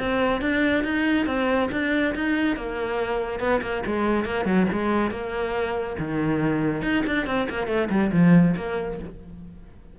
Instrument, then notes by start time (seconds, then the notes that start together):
cello
0.00 C4
0.41 D4
0.84 D#4
1.27 C4
1.72 D4
2.15 D#4
2.57 A#3
3.40 B3
3.62 A#3
3.86 G#3
4.25 A#3
4.46 F#3
4.72 G#3
5.11 A#3
5.99 D#3
6.82 D#4
7.07 D4
7.27 C4
7.50 A#3
7.68 A3
7.90 G3
8.13 F3
8.57 A#3